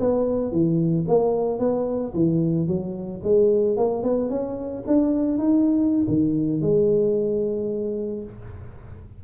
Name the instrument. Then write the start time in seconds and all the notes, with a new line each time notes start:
tuba
0.00 B3
0.52 E3
1.08 A#3
1.59 B3
2.14 E3
2.68 F#3
3.24 G#3
3.77 A#3
4.03 B3
4.30 C#4
4.87 D4
5.39 D#4
6.08 D#3
6.62 G#3